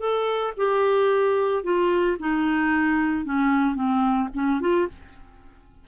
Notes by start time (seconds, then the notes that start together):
0.00 A4
0.57 G4
1.64 F4
2.20 D#4
3.26 C#4
3.75 C4
4.35 C#4
4.61 F4